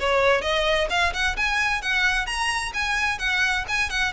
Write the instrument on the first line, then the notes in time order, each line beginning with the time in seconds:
violin
0.00 C#5
0.42 D#5
0.90 F5
1.13 F#5
1.37 G#5
1.82 F#5
2.26 A#5
2.74 G#5
3.19 F#5
3.69 G#5
3.90 F#5